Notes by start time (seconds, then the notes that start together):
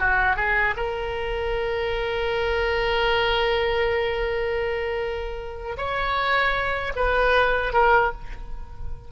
0.00 F#4
0.37 G#4
0.77 A#4
5.78 C#5
6.97 B4
7.74 A#4